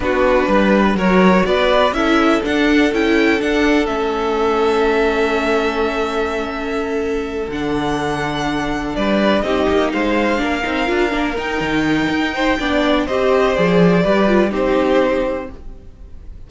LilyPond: <<
  \new Staff \with { instrumentName = "violin" } { \time 4/4 \tempo 4 = 124 b'2 cis''4 d''4 | e''4 fis''4 g''4 fis''4 | e''1~ | e''2.~ e''8 fis''8~ |
fis''2~ fis''8 d''4 dis''8~ | dis''8 f''2. g''8~ | g''2. dis''4 | d''2 c''2 | }
  \new Staff \with { instrumentName = "violin" } { \time 4/4 fis'4 b'4 ais'4 b'4 | a'1~ | a'1~ | a'1~ |
a'2~ a'8 b'4 g'8~ | g'8 c''4 ais'2~ ais'8~ | ais'4. c''8 d''4 c''4~ | c''4 b'4 g'2 | }
  \new Staff \with { instrumentName = "viola" } { \time 4/4 d'2 fis'2 | e'4 d'4 e'4 d'4 | cis'1~ | cis'2.~ cis'8 d'8~ |
d'2.~ d'8 dis'8~ | dis'4. d'8 dis'8 f'8 d'8 dis'8~ | dis'2 d'4 g'4 | gis'4 g'8 f'8 dis'2 | }
  \new Staff \with { instrumentName = "cello" } { \time 4/4 b4 g4 fis4 b4 | cis'4 d'4 cis'4 d'4 | a1~ | a2.~ a8 d8~ |
d2~ d8 g4 c'8 | ais8 gis4 ais8 c'8 d'8 ais8 dis'8 | dis4 dis'4 b4 c'4 | f4 g4 c'2 | }
>>